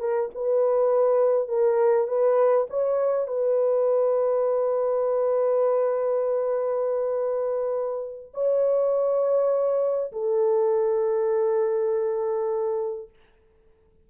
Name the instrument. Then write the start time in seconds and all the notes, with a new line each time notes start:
horn
0.00 A#4
0.35 B4
1.49 A#4
2.08 B4
2.70 C#5
3.27 B4
8.34 C#5
10.12 A4